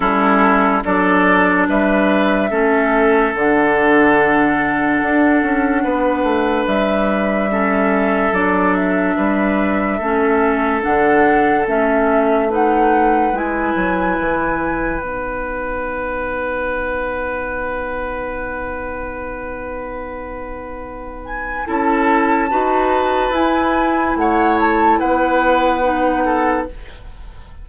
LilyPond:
<<
  \new Staff \with { instrumentName = "flute" } { \time 4/4 \tempo 4 = 72 a'4 d''4 e''2 | fis''1 | e''2 d''8 e''4.~ | e''4 fis''4 e''4 fis''4 |
gis''2 fis''2~ | fis''1~ | fis''4. gis''8 a''2 | gis''4 fis''8 a''8 fis''2 | }
  \new Staff \with { instrumentName = "oboe" } { \time 4/4 e'4 a'4 b'4 a'4~ | a'2. b'4~ | b'4 a'2 b'4 | a'2. b'4~ |
b'1~ | b'1~ | b'2 a'4 b'4~ | b'4 cis''4 b'4. a'8 | }
  \new Staff \with { instrumentName = "clarinet" } { \time 4/4 cis'4 d'2 cis'4 | d'1~ | d'4 cis'4 d'2 | cis'4 d'4 cis'4 dis'4 |
e'2 dis'2~ | dis'1~ | dis'2 e'4 fis'4 | e'2. dis'4 | }
  \new Staff \with { instrumentName = "bassoon" } { \time 4/4 g4 fis4 g4 a4 | d2 d'8 cis'8 b8 a8 | g2 fis4 g4 | a4 d4 a2 |
gis8 fis8 e4 b2~ | b1~ | b2 cis'4 dis'4 | e'4 a4 b2 | }
>>